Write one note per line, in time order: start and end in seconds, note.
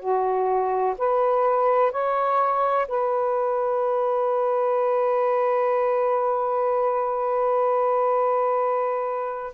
0.00 0.95 F#4
0.99 1.92 B4
1.92 2.87 C#5
2.88 9.54 B4